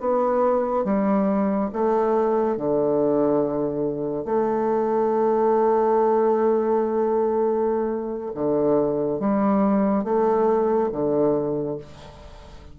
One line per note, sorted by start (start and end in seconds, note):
0.00 0.85 B3
0.85 1.70 G3
1.73 2.57 A3
2.57 4.25 D3
4.25 8.32 A3
8.35 9.20 D3
9.20 10.04 G3
10.04 10.90 A3
10.92 11.78 D3